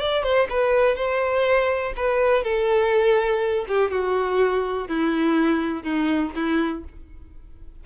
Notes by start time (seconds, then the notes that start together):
0.00 D5
0.23 C5
0.49 B4
0.95 C5
1.96 B4
2.43 A4
3.68 G4
3.90 F#4
4.88 E4
5.83 D#4
6.35 E4